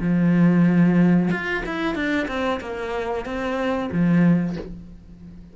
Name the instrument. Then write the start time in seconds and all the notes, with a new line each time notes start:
cello
0.00 F3
1.31 F4
1.66 E4
1.95 D4
2.28 C4
2.60 A#3
3.25 C4
3.91 F3